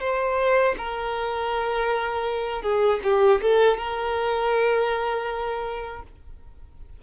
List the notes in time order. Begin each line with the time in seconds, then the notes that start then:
0.00 C5
0.78 A#4
2.62 G#4
3.03 G4
3.42 A4
3.77 A#4